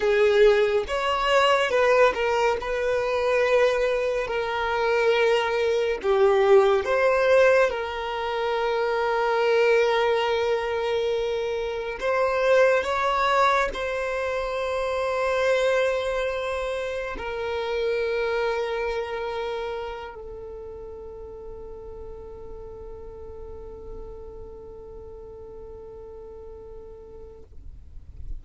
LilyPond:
\new Staff \with { instrumentName = "violin" } { \time 4/4 \tempo 4 = 70 gis'4 cis''4 b'8 ais'8 b'4~ | b'4 ais'2 g'4 | c''4 ais'2.~ | ais'2 c''4 cis''4 |
c''1 | ais'2.~ ais'8 a'8~ | a'1~ | a'1 | }